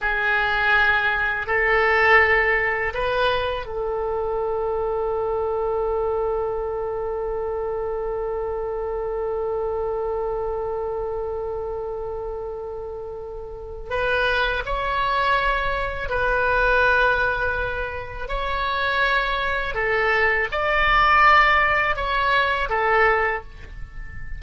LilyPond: \new Staff \with { instrumentName = "oboe" } { \time 4/4 \tempo 4 = 82 gis'2 a'2 | b'4 a'2.~ | a'1~ | a'1~ |
a'2. b'4 | cis''2 b'2~ | b'4 cis''2 a'4 | d''2 cis''4 a'4 | }